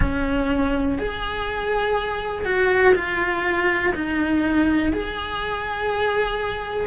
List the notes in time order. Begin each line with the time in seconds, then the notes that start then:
0.00 C#4
0.98 G#4
2.45 F#4
2.95 F4
3.94 D#4
4.92 G#4